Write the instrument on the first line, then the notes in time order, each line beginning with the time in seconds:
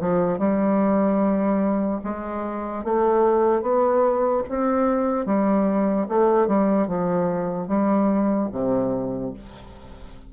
bassoon
0.00 F3
0.38 G3
2.04 G#3
2.84 A3
3.62 B3
4.49 C4
5.26 G3
6.08 A3
6.47 G3
6.87 F3
7.68 G3
8.51 C3